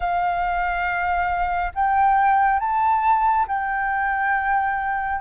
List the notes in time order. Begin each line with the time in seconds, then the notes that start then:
0.00 F5
1.74 G5
2.59 A5
3.47 G5